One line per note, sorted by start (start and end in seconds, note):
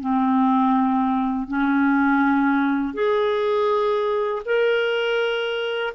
0.00 1.48 C4
1.48 2.94 C#4
2.94 4.42 G#4
4.45 5.94 A#4